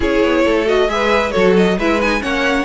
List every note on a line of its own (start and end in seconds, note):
0.00 0.21 C#4
0.00 0.66 E4
0.00 0.43 G#4
0.00 0.68 C#5
0.22 0.44 B3
0.44 0.88 A3
0.44 0.88 A4
0.66 0.87 F#4
0.66 0.89 D#5
0.87 1.32 G#3
0.87 1.32 G#4
0.87 1.32 B4
0.87 1.31 E5
1.31 1.77 F#3
1.31 1.79 F#4
1.31 1.77 A4
1.31 1.53 C#5
1.56 1.78 D#5
1.77 2.22 G#3
1.77 2.02 E4
1.77 2.22 B4
1.77 2.01 E5
2.01 2.20 D#4
2.01 2.22 G#5
2.20 2.65 A#3
2.20 2.64 C#4
2.20 2.65 C#5
2.20 2.65 F#5